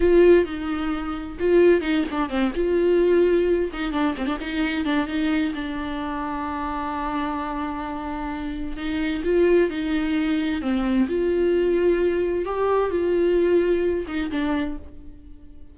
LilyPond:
\new Staff \with { instrumentName = "viola" } { \time 4/4 \tempo 4 = 130 f'4 dis'2 f'4 | dis'8 d'8 c'8 f'2~ f'8 | dis'8 d'8 c'16 d'16 dis'4 d'8 dis'4 | d'1~ |
d'2. dis'4 | f'4 dis'2 c'4 | f'2. g'4 | f'2~ f'8 dis'8 d'4 | }